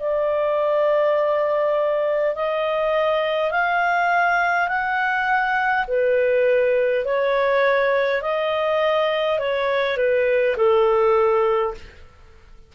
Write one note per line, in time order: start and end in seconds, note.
0.00 2.35 D5
2.35 3.51 D#5
3.51 4.68 F5
4.68 5.86 F#5
5.88 7.05 B4
7.05 8.22 C#5
8.22 9.39 D#5
9.39 9.97 C#5
9.97 10.56 B4
10.57 11.74 A4